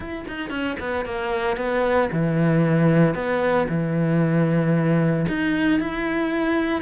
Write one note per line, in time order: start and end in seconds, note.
0.00 0.25 E4
0.27 0.50 D#4
0.50 0.76 C#4
0.79 1.05 B3
1.05 1.56 A#3
1.56 2.09 B3
2.12 3.14 E3
3.14 3.67 B3
3.68 5.26 E3
5.28 5.80 D#4
5.80 6.81 E4